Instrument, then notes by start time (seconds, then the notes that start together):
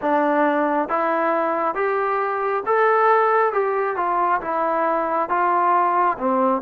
trombone
0.01 D4
0.88 E4
1.74 G4
2.66 A4
3.53 G4
3.96 F4
4.41 E4
5.29 F4
6.18 C4